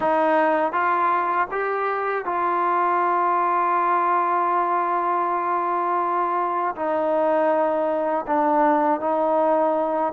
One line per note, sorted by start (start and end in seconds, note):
0.00 0.72 D#4
0.72 1.47 F4
1.51 2.25 G4
2.25 6.75 F4
6.75 8.25 D#4
8.26 9.00 D4
9.00 10.12 D#4